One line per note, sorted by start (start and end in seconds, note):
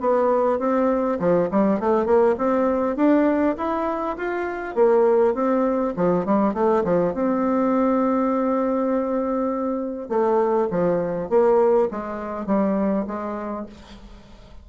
0.00 0.59 B3
0.59 1.19 C4
1.19 1.49 F3
1.51 1.80 G3
1.80 2.06 A3
2.06 2.35 A#3
2.38 2.96 C4
2.96 3.56 D4
3.57 4.17 E4
4.17 4.75 F4
4.75 5.34 A#3
5.34 5.94 C4
5.96 6.25 F3
6.25 6.54 G3
6.54 6.83 A3
6.84 7.14 F3
7.14 10.09 C4
10.09 10.68 A3
10.71 11.29 F3
11.29 11.89 A#3
11.91 12.46 G#3
12.46 13.05 G3
13.07 13.66 G#3